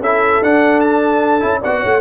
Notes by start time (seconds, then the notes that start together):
0.00 C#4 E4 A4 E5
0.42 D4 F#5
0.81 A5
1.40 C#4 E4
1.60 B3 F#4 D5 F#5
1.81 A3 C#5